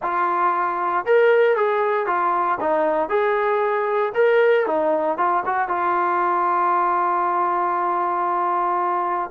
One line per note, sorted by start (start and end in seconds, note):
0.02 1.05 F4
1.05 1.56 A#4
1.56 2.06 G#4
2.06 2.58 F4
2.60 3.09 D#4
3.09 4.12 G#4
4.14 4.66 A#4
4.66 5.17 D#4
5.17 5.43 F4
5.45 5.68 F#4
5.68 9.30 F4